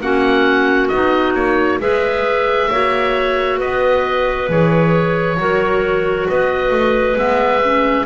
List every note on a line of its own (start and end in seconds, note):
0.00 0.90 A#3
0.00 0.90 C#4
0.00 1.80 F#4
0.00 0.88 F#5
0.88 1.34 B3
0.88 1.79 D#4
0.88 1.32 D#5
1.34 1.79 A#3
1.34 1.79 C#5
1.79 2.69 G#3
1.79 2.69 G#4
1.79 2.70 B4
1.79 3.60 E5
2.70 3.60 A#3
2.70 4.48 F#4
2.70 3.58 C#5
3.58 4.49 B3
3.58 5.37 B4
3.58 4.49 D#5
4.48 5.37 E3
4.48 5.37 G#4
4.48 6.28 C#5
5.37 6.26 F#3
5.37 7.15 F#4
5.37 6.29 A#4
6.28 6.70 B3
6.28 8.05 B4
6.28 7.18 D#5
6.70 7.15 A3
7.15 8.05 G#3
7.15 7.59 B3
7.15 8.05 E5
7.64 8.05 C#4